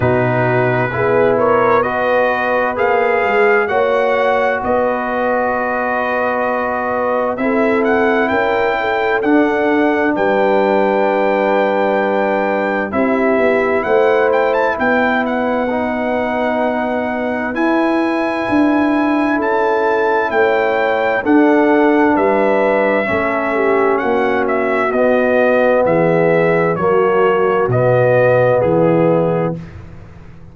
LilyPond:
<<
  \new Staff \with { instrumentName = "trumpet" } { \time 4/4 \tempo 4 = 65 b'4. cis''8 dis''4 f''4 | fis''4 dis''2. | e''8 fis''8 g''4 fis''4 g''4~ | g''2 e''4 fis''8 g''16 a''16 |
g''8 fis''2~ fis''8 gis''4~ | gis''4 a''4 g''4 fis''4 | e''2 fis''8 e''8 dis''4 | e''4 cis''4 dis''4 gis'4 | }
  \new Staff \with { instrumentName = "horn" } { \time 4/4 fis'4 gis'8 ais'8 b'2 | cis''4 b'2. | a'4 ais'8 a'4. b'4~ | b'2 g'4 c''4 |
b'1~ | b'4 a'4 cis''4 a'4 | b'4 a'8 g'8 fis'2 | gis'4 fis'2 e'4 | }
  \new Staff \with { instrumentName = "trombone" } { \time 4/4 dis'4 e'4 fis'4 gis'4 | fis'1 | e'2 d'2~ | d'2 e'2~ |
e'4 dis'2 e'4~ | e'2. d'4~ | d'4 cis'2 b4~ | b4 ais4 b2 | }
  \new Staff \with { instrumentName = "tuba" } { \time 4/4 b,4 b2 ais8 gis8 | ais4 b2. | c'4 cis'4 d'4 g4~ | g2 c'8 b8 a4 |
b2. e'4 | d'4 cis'4 a4 d'4 | g4 a4 ais4 b4 | e4 fis4 b,4 e4 | }
>>